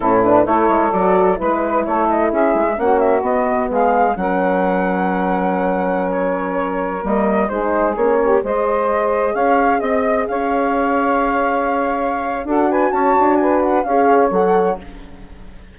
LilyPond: <<
  \new Staff \with { instrumentName = "flute" } { \time 4/4 \tempo 4 = 130 a'8 b'8 cis''4 d''4 b'4 | cis''8 dis''8 e''4 fis''8 e''8 dis''4 | f''4 fis''2.~ | fis''4~ fis''16 cis''2 dis''8.~ |
dis''16 c''4 cis''4 dis''4.~ dis''16~ | dis''16 f''4 dis''4 f''4.~ f''16~ | f''2. fis''8 gis''8 | a''4 gis''8 fis''8 f''4 fis''4 | }
  \new Staff \with { instrumentName = "saxophone" } { \time 4/4 e'4 a'2 b'4 | a'4 gis'4 fis'2 | gis'4 ais'2.~ | ais'1~ |
ais'16 gis'4. g'8 c''4.~ c''16~ | c''16 cis''4 dis''4 cis''4.~ cis''16~ | cis''2. a'8 b'8 | cis''4 b'4 cis''2 | }
  \new Staff \with { instrumentName = "horn" } { \time 4/4 cis'8 d'8 e'4 fis'4 e'4~ | e'2 cis'4 b4~ | b4 cis'2.~ | cis'2.~ cis'16 ais8.~ |
ais16 dis'4 cis'4 gis'4.~ gis'16~ | gis'1~ | gis'2. fis'4~ | fis'2 gis'4 a'4 | }
  \new Staff \with { instrumentName = "bassoon" } { \time 4/4 a,4 a8 gis8 fis4 gis4 | a4 cis'8 gis8 ais4 b4 | gis4 fis2.~ | fis2.~ fis16 g8.~ |
g16 gis4 ais4 gis4.~ gis16~ | gis16 cis'4 c'4 cis'4.~ cis'16~ | cis'2. d'4 | cis'8 d'4. cis'4 fis4 | }
>>